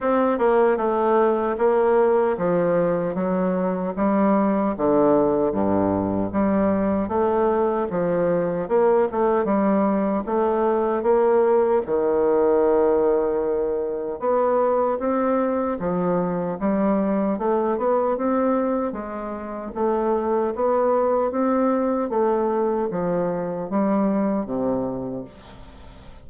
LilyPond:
\new Staff \with { instrumentName = "bassoon" } { \time 4/4 \tempo 4 = 76 c'8 ais8 a4 ais4 f4 | fis4 g4 d4 g,4 | g4 a4 f4 ais8 a8 | g4 a4 ais4 dis4~ |
dis2 b4 c'4 | f4 g4 a8 b8 c'4 | gis4 a4 b4 c'4 | a4 f4 g4 c4 | }